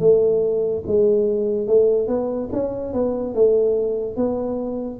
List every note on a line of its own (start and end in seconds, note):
0.00 0.83 A3
0.87 1.67 G#3
1.67 2.08 A3
2.08 2.50 B3
2.53 2.94 C#4
2.94 3.35 B3
3.35 4.17 A3
4.17 5.00 B3